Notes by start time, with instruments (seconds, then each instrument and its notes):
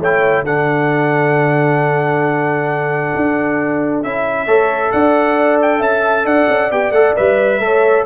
0.00 tuba A3, trombone E4, horn C#5, trumpet G5
0.43 tuba D3, trombone D4, horn A4, trumpet F#5
3.16 tuba D4
4.03 tuba C#4, trombone E4, trumpet E5
4.47 tuba A3, trombone A4, horn C#5
4.92 tuba D4, horn D5, trumpet F#5
5.62 trumpet G5
5.80 tuba C#4, horn E5, trumpet A5
6.25 tuba D4, horn D5, trumpet F#5
6.49 tuba C#4
6.71 tuba B3, trombone G4, trumpet G5
6.91 tuba A3, trombone A4, trumpet F#5
7.17 tuba G3, trombone B4, trumpet E5
7.60 tuba A3, trombone A4, horn C#5